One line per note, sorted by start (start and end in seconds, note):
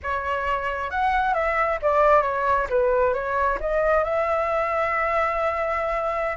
0.02 0.90 C#5
0.90 1.34 F#5
1.34 1.78 E5
1.82 2.22 D5
2.22 2.67 C#5
2.69 3.13 B4
3.13 3.58 C#5
3.60 4.04 D#5
4.04 6.36 E5